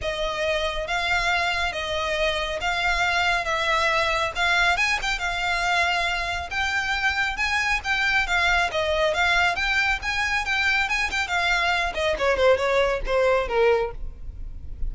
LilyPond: \new Staff \with { instrumentName = "violin" } { \time 4/4 \tempo 4 = 138 dis''2 f''2 | dis''2 f''2 | e''2 f''4 gis''8 g''8 | f''2. g''4~ |
g''4 gis''4 g''4 f''4 | dis''4 f''4 g''4 gis''4 | g''4 gis''8 g''8 f''4. dis''8 | cis''8 c''8 cis''4 c''4 ais'4 | }